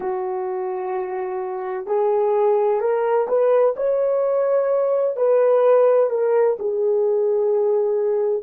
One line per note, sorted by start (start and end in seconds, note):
0.00 1.86 F#4
1.86 2.80 G#4
2.80 3.27 A#4
3.28 3.75 B4
3.76 5.16 C#5
5.16 6.09 B4
6.10 6.57 A#4
6.59 8.43 G#4